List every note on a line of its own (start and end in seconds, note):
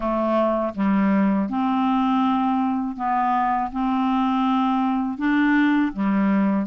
0.00 0.73 A3
0.74 1.48 G3
1.49 2.96 C4
2.96 3.70 B3
3.72 5.18 C4
5.18 5.92 D4
5.93 6.66 G3